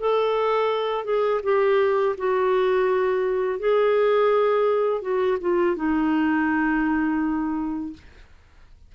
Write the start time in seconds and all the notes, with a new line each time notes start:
0.00 A4
1.05 G#4
1.43 G4
2.18 F#4
3.59 G#4
5.02 F#4
5.41 F4
5.76 D#4